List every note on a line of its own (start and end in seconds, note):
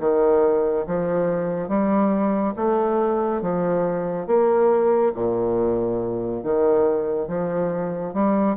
0.00 0.86 D#3
0.87 1.69 F3
1.69 2.54 G3
2.56 3.42 A3
3.42 4.27 F3
4.27 5.13 A#3
5.15 6.44 A#2
6.44 7.28 D#3
7.28 8.14 F3
8.14 8.57 G3